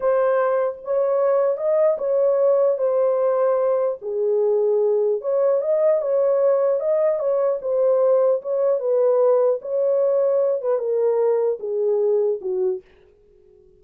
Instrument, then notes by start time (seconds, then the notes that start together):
horn
0.00 C5
0.84 C#5
1.57 D#5
1.97 C#5
2.77 C5
4.01 G#4
5.21 C#5
5.61 D#5
6.01 C#5
6.80 D#5
7.19 C#5
7.61 C5
8.42 C#5
8.79 B4
9.61 C#5
10.61 B4
10.78 A#4
11.59 G#4
12.41 F#4